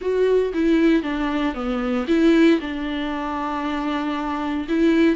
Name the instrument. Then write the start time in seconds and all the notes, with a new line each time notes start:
viola
0.01 F#4
0.53 E4
1.02 D4
1.54 B3
2.07 E4
2.60 D4
4.68 E4